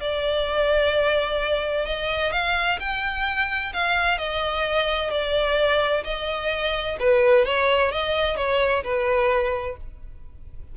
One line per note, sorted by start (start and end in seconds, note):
0.00 1.85 D5
1.85 2.32 D#5
2.32 2.78 F5
2.79 3.73 G5
3.73 4.18 F5
4.18 5.10 D#5
5.10 6.03 D5
6.04 6.97 D#5
6.99 7.45 B4
7.45 7.91 C#5
7.91 8.36 D#5
8.36 8.83 C#5
8.84 9.77 B4